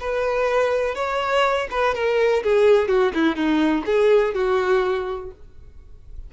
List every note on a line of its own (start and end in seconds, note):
0.00 0.95 B4
0.95 1.68 C#5
1.70 1.95 B4
1.95 2.43 A#4
2.43 2.88 G#4
2.88 3.12 F#4
3.14 3.36 E4
3.36 3.84 D#4
3.86 4.34 G#4
4.34 5.31 F#4